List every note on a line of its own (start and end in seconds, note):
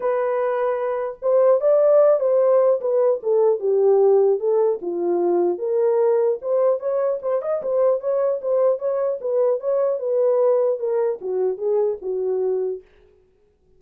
0.00 1.18 B4
1.22 1.61 C5
1.61 2.20 D5
2.20 2.80 C5
2.81 3.21 B4
3.22 3.59 A4
3.59 4.39 G4
4.39 4.79 A4
4.81 5.58 F4
5.58 6.38 A#4
6.41 6.79 C5
6.79 7.19 C#5
7.21 7.41 C5
7.42 7.62 D#5
7.62 8.00 C5
8.00 8.40 C#5
8.41 8.79 C5
8.79 9.19 C#5
9.21 9.60 B4
9.60 9.99 C#5
9.99 10.79 B4
10.79 11.19 A#4
11.21 11.57 F#4
11.57 11.97 G#4
12.01 12.81 F#4